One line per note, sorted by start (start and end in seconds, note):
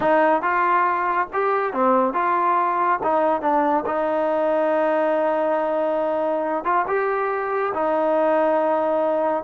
0.00 0.42 D#4
0.42 1.27 F4
1.33 1.73 G4
1.73 2.13 C4
2.13 2.99 F4
3.03 3.41 D#4
3.41 3.84 D4
3.86 6.64 D#4
6.64 6.85 F4
6.87 7.72 G4
7.74 9.43 D#4